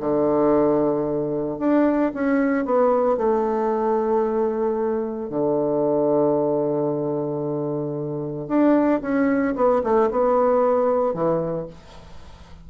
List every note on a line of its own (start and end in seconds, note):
0.00 1.59 D3
1.59 2.12 D4
2.14 2.65 C#4
2.65 3.17 B3
3.17 5.30 A3
5.30 8.48 D3
8.48 9.01 D4
9.02 9.55 C#4
9.56 9.82 B3
9.84 10.10 A3
10.11 11.14 B3
11.14 11.67 E3